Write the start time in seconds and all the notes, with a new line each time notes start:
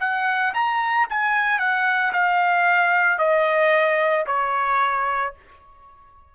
0.00 F#5
0.55 A#5
1.10 G#5
1.59 F#5
2.13 F5
3.19 D#5
4.27 C#5